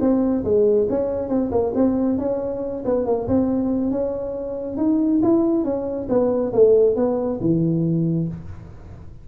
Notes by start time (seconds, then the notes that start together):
0.00 C4
0.44 G#3
0.89 C#4
1.28 C4
1.51 A#3
1.75 C4
2.18 C#4
2.85 B3
3.05 A#3
3.27 C4
3.91 C#4
4.77 D#4
5.22 E4
5.64 C#4
6.08 B3
6.53 A3
6.96 B3
7.40 E3